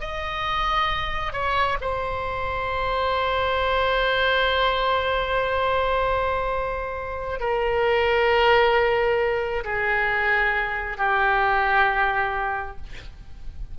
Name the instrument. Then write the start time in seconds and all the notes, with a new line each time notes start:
oboe
0.00 D#5
1.32 C#5
1.81 C5
7.40 A#4
9.64 G#4
10.97 G4